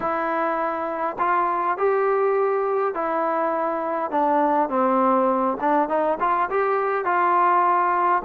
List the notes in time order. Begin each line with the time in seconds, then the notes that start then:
0.00 E4
1.18 F4
1.77 G4
2.94 E4
4.10 D4
4.69 C4
5.60 D4
5.88 D#4
6.20 F4
6.50 G4
7.04 F4